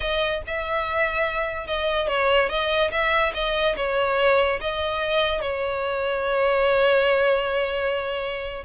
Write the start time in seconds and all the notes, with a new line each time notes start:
0.00 D#5
0.46 E5
1.66 D#5
2.07 C#5
2.49 D#5
2.91 E5
3.34 D#5
3.76 C#5
4.60 D#5
5.41 C#5